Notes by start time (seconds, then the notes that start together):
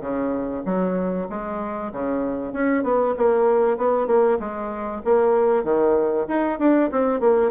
0.00 C#3
0.65 F#3
1.29 G#3
1.92 C#3
2.53 C#4
2.83 B3
3.17 A#3
3.77 B3
4.07 A#3
4.39 G#3
5.04 A#3
5.64 D#3
6.28 D#4
6.59 D4
6.91 C4
7.20 A#3